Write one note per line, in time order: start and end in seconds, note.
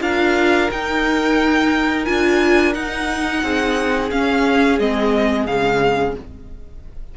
0.00 0.69 D4
0.00 0.68 F4
0.00 3.42 A#4
0.00 0.70 F5
0.71 2.07 D#4
0.71 2.05 D#4
0.71 2.05 G5
2.05 2.75 D4
2.05 2.73 F4
2.05 2.73 G#5
2.73 4.10 D#4
2.73 3.43 D#4
2.73 4.10 F#5
3.42 4.11 C4
3.42 6.15 G#4
4.11 4.79 C#4
4.11 4.79 F5
4.79 5.47 G#3
4.79 5.48 C4
4.79 5.47 D#5
5.47 6.15 C#3
5.47 6.17 G#3
5.47 6.15 F5